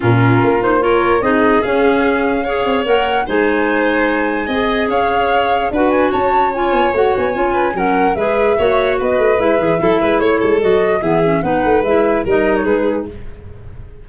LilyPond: <<
  \new Staff \with { instrumentName = "flute" } { \time 4/4 \tempo 4 = 147 ais'4. c''8 cis''4 dis''4 | f''2. fis''4 | gis''1 | f''2 fis''8 gis''8 a''4 |
gis''4 fis''8 gis''4. fis''4 | e''2 dis''4 e''4~ | e''4 cis''4 dis''4 e''4 | fis''4 e''4 dis''8. cis''16 b'4 | }
  \new Staff \with { instrumentName = "violin" } { \time 4/4 f'2 ais'4 gis'4~ | gis'2 cis''2 | c''2. dis''4 | cis''2 b'4 cis''4~ |
cis''2~ cis''8 b'8 ais'4 | b'4 cis''4 b'2 | a'8 b'8 cis''8 a'4. gis'4 | b'2 ais'4 gis'4 | }
  \new Staff \with { instrumentName = "clarinet" } { \time 4/4 cis'4. dis'8 f'4 dis'4 | cis'2 gis'4 ais'4 | dis'2. gis'4~ | gis'2 fis'2 |
f'4 fis'4 f'4 cis'4 | gis'4 fis'2 e'8 gis'8 | e'2 fis'4 b8 cis'8 | dis'4 e'4 dis'2 | }
  \new Staff \with { instrumentName = "tuba" } { \time 4/4 ais,4 ais2 c'4 | cis'2~ cis'8 c'8 ais4 | gis2. c'4 | cis'2 d'4 cis'4~ |
cis'8 b8 a8 b8 cis'4 fis4 | gis4 ais4 b8 a8 gis8 e8 | fis8 gis8 a8 gis8 fis4 e4 | b8 a8 gis4 g4 gis4 | }
>>